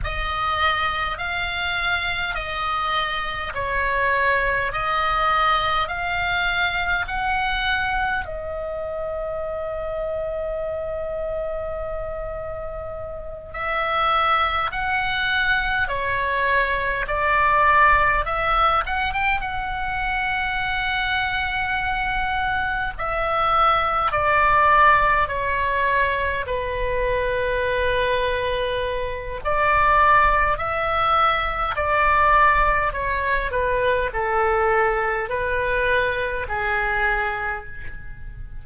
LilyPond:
\new Staff \with { instrumentName = "oboe" } { \time 4/4 \tempo 4 = 51 dis''4 f''4 dis''4 cis''4 | dis''4 f''4 fis''4 dis''4~ | dis''2.~ dis''8 e''8~ | e''8 fis''4 cis''4 d''4 e''8 |
fis''16 g''16 fis''2. e''8~ | e''8 d''4 cis''4 b'4.~ | b'4 d''4 e''4 d''4 | cis''8 b'8 a'4 b'4 gis'4 | }